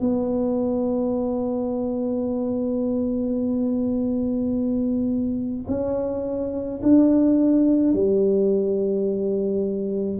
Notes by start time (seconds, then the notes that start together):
0.00 B3
5.68 C#4
6.82 D4
7.93 G3